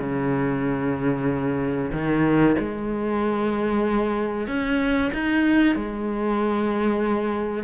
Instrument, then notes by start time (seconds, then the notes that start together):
cello
0.00 C#3
1.93 D#3
2.59 G#3
4.48 C#4
5.14 D#4
5.76 G#3